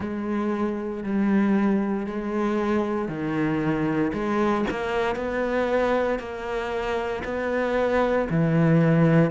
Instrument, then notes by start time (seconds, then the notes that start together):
cello
0.00 G#3
1.03 G3
2.06 G#3
3.08 D#3
4.13 G#3
4.70 A#3
5.15 B3
6.19 A#3
7.24 B3
8.29 E3